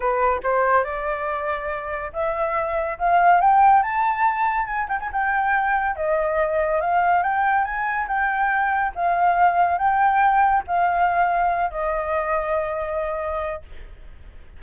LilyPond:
\new Staff \with { instrumentName = "flute" } { \time 4/4 \tempo 4 = 141 b'4 c''4 d''2~ | d''4 e''2 f''4 | g''4 a''2 gis''8 g''16 gis''16 | g''2 dis''2 |
f''4 g''4 gis''4 g''4~ | g''4 f''2 g''4~ | g''4 f''2~ f''8 dis''8~ | dis''1 | }